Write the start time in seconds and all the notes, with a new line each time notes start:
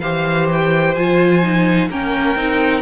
0.00 E3 G4 C5 F5
0.52 G5
0.95 F3 F4 G#5
1.43 D#4
1.89 A#3 C#4 A#4 G5
2.35 C4 D#4